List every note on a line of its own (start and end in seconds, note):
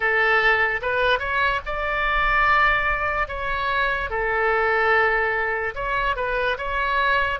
0.00 0.80 A4
0.81 1.19 B4
1.19 1.60 C#5
1.65 3.28 D5
3.28 4.09 C#5
4.09 5.74 A4
5.75 6.16 C#5
6.16 6.57 B4
6.58 7.39 C#5